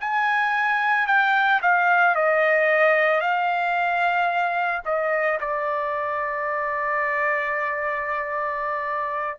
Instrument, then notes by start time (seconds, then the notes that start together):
trumpet
0.00 G#5
1.07 G5
1.62 F5
2.15 D#5
3.20 F5
4.85 D#5
5.40 D5